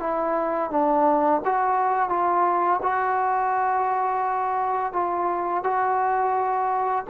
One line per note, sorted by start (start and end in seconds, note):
0.00 0.71 E4
0.71 1.41 D4
1.45 2.10 F#4
2.10 2.80 F4
2.83 4.93 F#4
4.93 5.64 F4
5.64 7.05 F#4